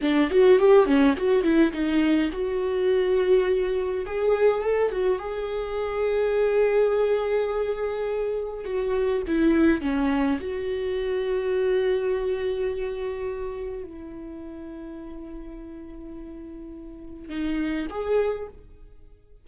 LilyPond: \new Staff \with { instrumentName = "viola" } { \time 4/4 \tempo 4 = 104 d'8 fis'8 g'8 cis'8 fis'8 e'8 dis'4 | fis'2. gis'4 | a'8 fis'8 gis'2.~ | gis'2. fis'4 |
e'4 cis'4 fis'2~ | fis'1 | e'1~ | e'2 dis'4 gis'4 | }